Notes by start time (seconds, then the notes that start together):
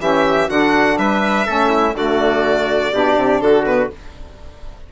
0.00 E3 C#4 G4 E5
0.49 D3 D4 F#4 F#5
0.98 G3 B4 E5
1.46 A3 C#4 A4
1.69 E4
1.94 D3 A3 F#4 D5
2.93 B2 D4 G4
3.17 C3
3.41 D3 F#4 A4
3.66 B3 B4